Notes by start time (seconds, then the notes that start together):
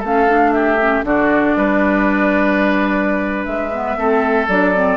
0.00 A3 C#4 A4
0.06 F5
0.28 D4
0.53 G4 E5
0.80 C#4
1.04 D3 D4 F#4 D5
1.56 G3 B4
3.45 G#3 E5
3.72 B3
3.97 A3 C4 A4
4.49 F#3 D4 D5
4.75 C4